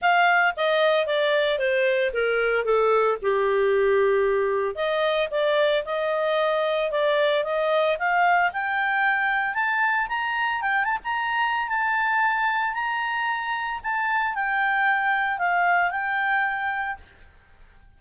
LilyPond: \new Staff \with { instrumentName = "clarinet" } { \time 4/4 \tempo 4 = 113 f''4 dis''4 d''4 c''4 | ais'4 a'4 g'2~ | g'4 dis''4 d''4 dis''4~ | dis''4 d''4 dis''4 f''4 |
g''2 a''4 ais''4 | g''8 a''16 ais''4~ ais''16 a''2 | ais''2 a''4 g''4~ | g''4 f''4 g''2 | }